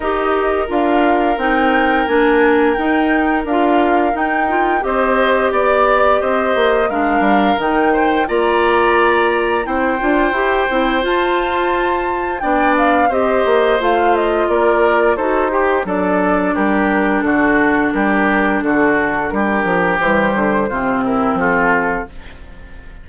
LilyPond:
<<
  \new Staff \with { instrumentName = "flute" } { \time 4/4 \tempo 4 = 87 dis''4 f''4 g''4 gis''4 | g''4 f''4 g''4 dis''4 | d''4 dis''4 f''4 g''4 | ais''2 g''2 |
a''2 g''8 f''8 dis''4 | f''8 dis''8 d''4 c''4 d''4 | ais'4 a'4 ais'4 a'4 | ais'4 c''4. ais'8 a'4 | }
  \new Staff \with { instrumentName = "oboe" } { \time 4/4 ais'1~ | ais'2. c''4 | d''4 c''4 ais'4. c''8 | d''2 c''2~ |
c''2 d''4 c''4~ | c''4 ais'4 a'8 g'8 a'4 | g'4 fis'4 g'4 fis'4 | g'2 f'8 e'8 f'4 | }
  \new Staff \with { instrumentName = "clarinet" } { \time 4/4 g'4 f'4 dis'4 d'4 | dis'4 f'4 dis'8 f'8 g'4~ | g'2 d'4 dis'4 | f'2 e'8 f'8 g'8 e'8 |
f'2 d'4 g'4 | f'2 fis'8 g'8 d'4~ | d'1~ | d'4 g4 c'2 | }
  \new Staff \with { instrumentName = "bassoon" } { \time 4/4 dis'4 d'4 c'4 ais4 | dis'4 d'4 dis'4 c'4 | b4 c'8 ais8 gis8 g8 dis4 | ais2 c'8 d'8 e'8 c'8 |
f'2 b4 c'8 ais8 | a4 ais4 dis'4 fis4 | g4 d4 g4 d4 | g8 f8 e8 d8 c4 f4 | }
>>